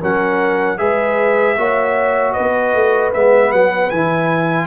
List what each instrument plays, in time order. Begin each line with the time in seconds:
0.00 tuba F#3, trombone C#4, horn A#4, trumpet F#5
0.78 tuba G#3, trombone G#4, horn B4, trumpet E5
1.58 tuba A#3, trombone F#4, horn C#5
2.33 horn B4, trumpet D#5
2.39 tuba B3
2.75 tuba A3
3.13 tuba G#3, trombone B3, trumpet E5
3.52 tuba F#3, trumpet F#5
3.90 tuba E3, trombone E4, trumpet G#5